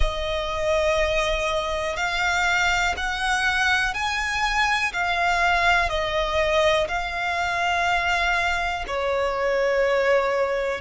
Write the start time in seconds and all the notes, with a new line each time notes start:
0.00 D#5
1.96 F5
2.96 F#5
3.93 G#5
4.92 F5
5.89 D#5
6.88 F5
8.87 C#5